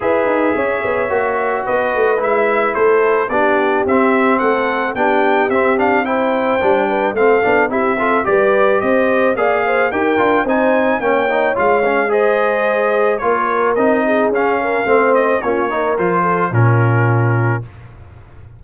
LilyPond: <<
  \new Staff \with { instrumentName = "trumpet" } { \time 4/4 \tempo 4 = 109 e''2. dis''4 | e''4 c''4 d''4 e''4 | fis''4 g''4 e''8 f''8 g''4~ | g''4 f''4 e''4 d''4 |
dis''4 f''4 g''4 gis''4 | g''4 f''4 dis''2 | cis''4 dis''4 f''4. dis''8 | cis''4 c''4 ais'2 | }
  \new Staff \with { instrumentName = "horn" } { \time 4/4 b'4 cis''2 b'4~ | b'4 a'4 g'2 | a'4 g'2 c''4~ | c''8 b'8 a'4 g'8 a'8 b'4 |
c''4 d''8 c''8 ais'4 c''4 | cis''2 c''2 | ais'4. gis'4 ais'8 c''4 | f'8 ais'4 a'8 f'2 | }
  \new Staff \with { instrumentName = "trombone" } { \time 4/4 gis'2 fis'2 | e'2 d'4 c'4~ | c'4 d'4 c'8 d'8 e'4 | d'4 c'8 d'8 e'8 f'8 g'4~ |
g'4 gis'4 g'8 f'8 dis'4 | cis'8 dis'8 f'8 cis'8 gis'2 | f'4 dis'4 cis'4 c'4 | cis'8 dis'8 f'4 cis'2 | }
  \new Staff \with { instrumentName = "tuba" } { \time 4/4 e'8 dis'8 cis'8 b8 ais4 b8 a8 | gis4 a4 b4 c'4 | a4 b4 c'2 | g4 a8 b8 c'4 g4 |
c'4 ais4 dis'8 d'8 c'4 | ais4 gis2. | ais4 c'4 cis'4 a4 | ais4 f4 ais,2 | }
>>